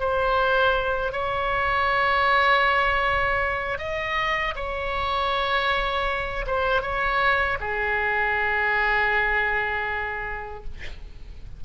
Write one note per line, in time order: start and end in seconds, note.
0.00 1.13 C5
1.13 3.78 C#5
3.78 4.54 D#5
4.56 6.46 C#5
6.47 6.82 C5
6.82 7.58 C#5
7.61 10.64 G#4